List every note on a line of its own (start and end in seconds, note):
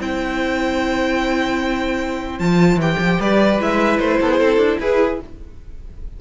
0.00 2.40 C4
0.00 2.40 E4
0.00 3.20 C5
0.00 2.39 G5
2.39 2.76 F3
2.39 2.80 F4
2.39 2.79 A5
2.76 2.96 E3
2.76 3.60 G4
2.76 3.21 G5
2.99 3.19 F3
3.20 3.60 G3
3.20 4.20 B4
3.20 3.61 D5
3.60 4.00 G#3
3.60 5.20 E4
3.60 3.99 E5
3.99 4.20 A3
3.99 4.79 C5
4.21 4.41 B3
4.21 4.31 A4
4.31 4.39 G#4
4.39 4.58 C4
4.39 4.79 A4
4.58 4.78 D4
4.80 5.20 E4
4.80 5.21 G#4
4.80 5.21 B4